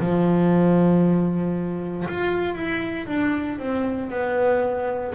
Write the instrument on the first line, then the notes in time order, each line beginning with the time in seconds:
double bass
0.00 F3
2.08 F4
2.55 E4
3.07 D4
3.59 C4
4.11 B3